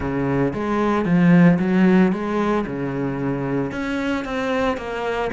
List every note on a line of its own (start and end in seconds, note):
0.00 0.53 C#3
0.53 1.05 G#3
1.05 1.58 F3
1.59 2.12 F#3
2.12 2.65 G#3
2.66 3.71 C#3
3.71 4.24 C#4
4.25 4.77 C4
4.77 5.30 A#3